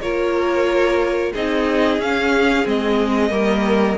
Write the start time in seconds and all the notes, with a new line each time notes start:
0.00 A#3 F4 A#4 C#5
1.32 C4 D#4 G#4 D#5
1.98 C#4 F5
2.65 G#3 C4 D#5
3.29 G3 A#3 A#4